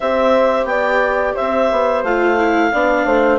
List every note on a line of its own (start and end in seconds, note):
0.00 0.64 C4
0.00 2.05 G4
0.00 0.69 C5
0.00 0.66 E5
0.64 1.32 B3
0.64 1.35 D5
0.64 1.34 G5
1.35 1.71 C4
1.35 2.71 C5
1.35 2.03 E5
1.71 2.03 B3
2.03 2.71 A3
2.03 2.38 F4
2.03 3.38 F5
2.38 2.72 E4
2.72 3.05 B3
2.72 3.38 D4
2.72 3.06 D5
3.05 3.38 A3
3.05 3.38 C5